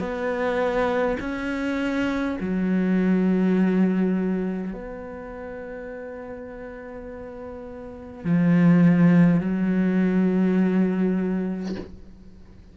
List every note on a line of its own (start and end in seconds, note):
0.00 1.18 B3
1.20 2.38 C#4
2.41 4.73 F#3
4.73 8.25 B3
8.25 9.41 F3
9.41 11.76 F#3